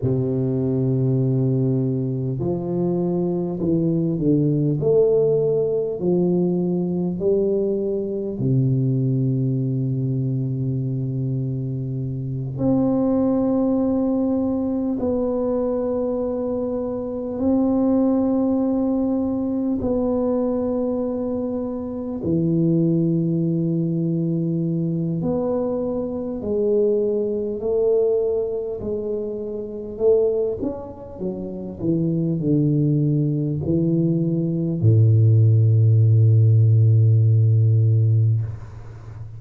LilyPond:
\new Staff \with { instrumentName = "tuba" } { \time 4/4 \tempo 4 = 50 c2 f4 e8 d8 | a4 f4 g4 c4~ | c2~ c8 c'4.~ | c'8 b2 c'4.~ |
c'8 b2 e4.~ | e4 b4 gis4 a4 | gis4 a8 cis'8 fis8 e8 d4 | e4 a,2. | }